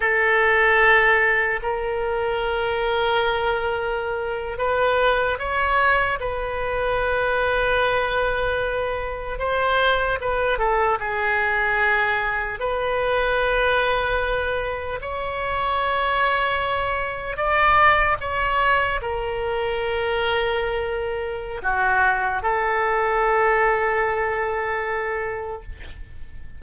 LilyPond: \new Staff \with { instrumentName = "oboe" } { \time 4/4 \tempo 4 = 75 a'2 ais'2~ | ais'4.~ ais'16 b'4 cis''4 b'16~ | b'2.~ b'8. c''16~ | c''8. b'8 a'8 gis'2 b'16~ |
b'2~ b'8. cis''4~ cis''16~ | cis''4.~ cis''16 d''4 cis''4 ais'16~ | ais'2. fis'4 | a'1 | }